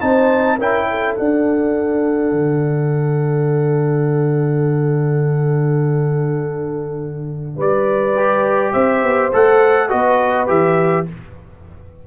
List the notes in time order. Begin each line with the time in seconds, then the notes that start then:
0.00 C4 D#4 C5 A5
0.56 C#4 E4 A#4 G5
0.90 A4
1.14 D4 F#5
2.31 D3
7.56 G3 B4 D5
8.15 G4
8.72 C4 C5 E5
9.03 B3
9.32 A3 A4 F#5
9.89 B3 F#4 B4 D#5
10.47 E3 G4 E5